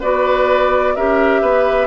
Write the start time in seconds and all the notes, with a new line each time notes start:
0.00 B3 F#4 B4 D5
0.96 C#4 G4 A#4 E5
1.42 B3 B4